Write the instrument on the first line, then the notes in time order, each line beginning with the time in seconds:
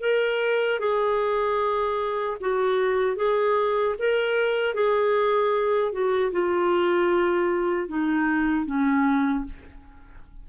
clarinet
0.00 A#4
0.79 G#4
2.40 F#4
3.16 G#4
3.98 A#4
4.74 G#4
5.92 F#4
6.32 F4
7.88 D#4
8.65 C#4